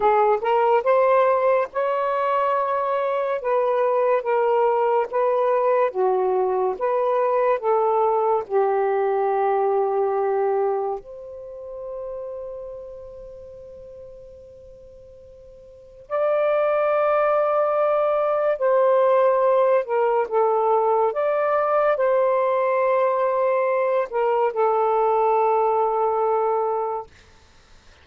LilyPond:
\new Staff \with { instrumentName = "saxophone" } { \time 4/4 \tempo 4 = 71 gis'8 ais'8 c''4 cis''2 | b'4 ais'4 b'4 fis'4 | b'4 a'4 g'2~ | g'4 c''2.~ |
c''2. d''4~ | d''2 c''4. ais'8 | a'4 d''4 c''2~ | c''8 ais'8 a'2. | }